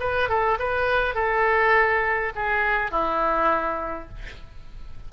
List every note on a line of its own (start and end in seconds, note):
0.00 0.29 B4
0.29 0.59 A4
0.59 1.15 B4
1.15 2.33 A4
2.36 2.91 G#4
2.91 4.09 E4